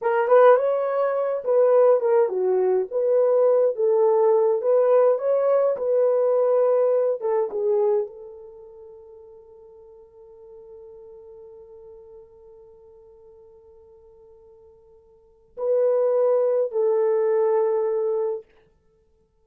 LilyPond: \new Staff \with { instrumentName = "horn" } { \time 4/4 \tempo 4 = 104 ais'8 b'8 cis''4. b'4 ais'8 | fis'4 b'4. a'4. | b'4 cis''4 b'2~ | b'8 a'8 gis'4 a'2~ |
a'1~ | a'1~ | a'2. b'4~ | b'4 a'2. | }